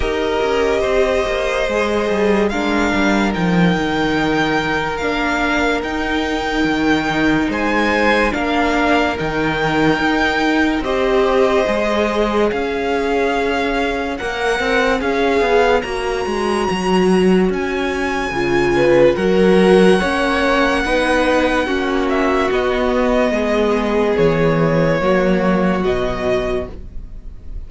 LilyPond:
<<
  \new Staff \with { instrumentName = "violin" } { \time 4/4 \tempo 4 = 72 dis''2. f''4 | g''2 f''4 g''4~ | g''4 gis''4 f''4 g''4~ | g''4 dis''2 f''4~ |
f''4 fis''4 f''4 ais''4~ | ais''4 gis''2 fis''4~ | fis''2~ fis''8 e''8 dis''4~ | dis''4 cis''2 dis''4 | }
  \new Staff \with { instrumentName = "violin" } { \time 4/4 ais'4 c''2 ais'4~ | ais'1~ | ais'4 c''4 ais'2~ | ais'4 c''2 cis''4~ |
cis''1~ | cis''2~ cis''8 b'8 ais'4 | cis''4 b'4 fis'2 | gis'2 fis'2 | }
  \new Staff \with { instrumentName = "viola" } { \time 4/4 g'2 gis'4 d'4 | dis'2 d'4 dis'4~ | dis'2 d'4 dis'4~ | dis'4 g'4 gis'2~ |
gis'4 ais'4 gis'4 fis'4~ | fis'2 f'4 fis'4 | cis'4 dis'4 cis'4 b4~ | b2 ais4 fis4 | }
  \new Staff \with { instrumentName = "cello" } { \time 4/4 dis'8 cis'8 c'8 ais8 gis8 g8 gis8 g8 | f8 dis4. ais4 dis'4 | dis4 gis4 ais4 dis4 | dis'4 c'4 gis4 cis'4~ |
cis'4 ais8 c'8 cis'8 b8 ais8 gis8 | fis4 cis'4 cis4 fis4 | ais4 b4 ais4 b4 | gis4 e4 fis4 b,4 | }
>>